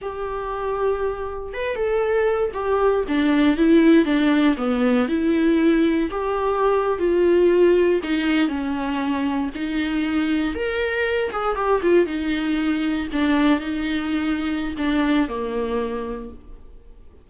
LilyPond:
\new Staff \with { instrumentName = "viola" } { \time 4/4 \tempo 4 = 118 g'2. b'8 a'8~ | a'4 g'4 d'4 e'4 | d'4 b4 e'2 | g'4.~ g'16 f'2 dis'16~ |
dis'8. cis'2 dis'4~ dis'16~ | dis'8. ais'4. gis'8 g'8 f'8 dis'16~ | dis'4.~ dis'16 d'4 dis'4~ dis'16~ | dis'4 d'4 ais2 | }